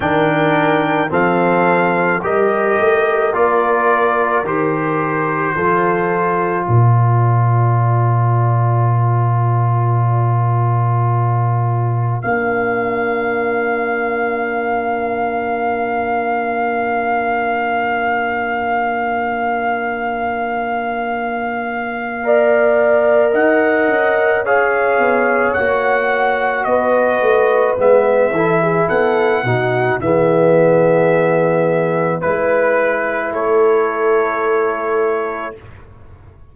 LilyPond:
<<
  \new Staff \with { instrumentName = "trumpet" } { \time 4/4 \tempo 4 = 54 g''4 f''4 dis''4 d''4 | c''2 d''2~ | d''2. f''4~ | f''1~ |
f''1~ | f''4 fis''4 f''4 fis''4 | dis''4 e''4 fis''4 e''4~ | e''4 b'4 cis''2 | }
  \new Staff \with { instrumentName = "horn" } { \time 4/4 ais'4 a'4 ais'2~ | ais'4 a'4 ais'2~ | ais'1~ | ais'1~ |
ais'1 | d''4 dis''4 cis''2 | b'4. a'16 gis'16 a'8 fis'8 gis'4~ | gis'4 b'4 a'2 | }
  \new Staff \with { instrumentName = "trombone" } { \time 4/4 d'4 c'4 g'4 f'4 | g'4 f'2.~ | f'2. d'4~ | d'1~ |
d'1 | ais'2 gis'4 fis'4~ | fis'4 b8 e'4 dis'8 b4~ | b4 e'2. | }
  \new Staff \with { instrumentName = "tuba" } { \time 4/4 dis4 f4 g8 a8 ais4 | dis4 f4 ais,2~ | ais,2. ais4~ | ais1~ |
ais1~ | ais4 dis'8 cis'4 b8 ais4 | b8 a8 gis8 e8 b8 b,8 e4~ | e4 gis4 a2 | }
>>